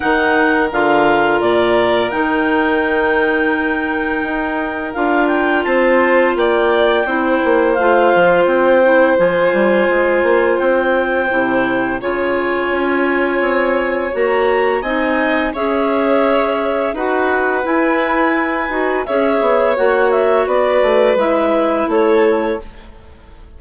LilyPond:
<<
  \new Staff \with { instrumentName = "clarinet" } { \time 4/4 \tempo 4 = 85 fis''4 f''4 d''4 g''4~ | g''2. f''8 g''8 | a''4 g''2 f''4 | g''4 gis''2 g''4~ |
g''4 gis''2. | ais''4 gis''4 e''2 | fis''4 gis''2 e''4 | fis''8 e''8 d''4 e''4 cis''4 | }
  \new Staff \with { instrumentName = "violin" } { \time 4/4 ais'1~ | ais'1 | c''4 d''4 c''2~ | c''1~ |
c''4 cis''2.~ | cis''4 dis''4 cis''2 | b'2. cis''4~ | cis''4 b'2 a'4 | }
  \new Staff \with { instrumentName = "clarinet" } { \time 4/4 dis'4 f'2 dis'4~ | dis'2. f'4~ | f'2 e'4 f'4~ | f'8 e'8 f'2. |
e'4 f'2. | fis'4 dis'4 gis'2 | fis'4 e'4. fis'8 gis'4 | fis'2 e'2 | }
  \new Staff \with { instrumentName = "bassoon" } { \time 4/4 dis4 d4 ais,4 dis4~ | dis2 dis'4 d'4 | c'4 ais4 c'8 ais8 a8 f8 | c'4 f8 g8 gis8 ais8 c'4 |
c4 cis4 cis'4 c'4 | ais4 c'4 cis'2 | dis'4 e'4. dis'8 cis'8 b8 | ais4 b8 a8 gis4 a4 | }
>>